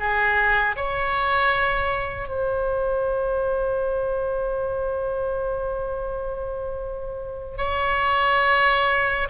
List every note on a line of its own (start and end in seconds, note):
0.00 0.76 G#4
0.76 2.28 C#5
2.28 7.57 C5
7.57 9.28 C#5